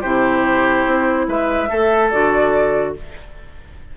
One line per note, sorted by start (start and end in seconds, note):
0.00 0.86 C3
0.00 1.68 E4
0.00 1.26 G4
0.00 1.27 C5
0.86 1.27 C4
1.27 1.69 G#3
1.27 1.69 B4
1.27 2.10 E5
1.68 2.12 A3
1.68 2.10 A4
1.68 2.95 A4
2.10 2.96 D3
2.10 2.96 F#4
2.10 2.94 D5